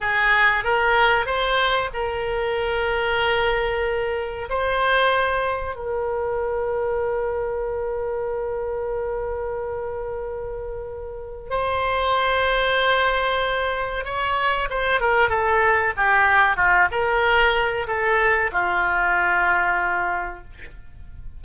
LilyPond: \new Staff \with { instrumentName = "oboe" } { \time 4/4 \tempo 4 = 94 gis'4 ais'4 c''4 ais'4~ | ais'2. c''4~ | c''4 ais'2.~ | ais'1~ |
ais'2 c''2~ | c''2 cis''4 c''8 ais'8 | a'4 g'4 f'8 ais'4. | a'4 f'2. | }